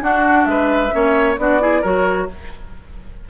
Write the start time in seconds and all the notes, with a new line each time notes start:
0.00 D4 F#4 F#5
0.44 G#3 B4 E5
0.91 A#3 C#4 C#5
1.37 B3 D4 F#4 D5
1.60 E4 G#4
1.81 F#3 F#4 A#4 C#5